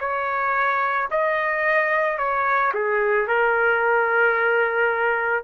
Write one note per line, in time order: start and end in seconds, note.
0.00 1.09 C#5
1.11 2.18 D#5
2.18 2.73 C#5
2.74 3.28 G#4
3.28 5.44 A#4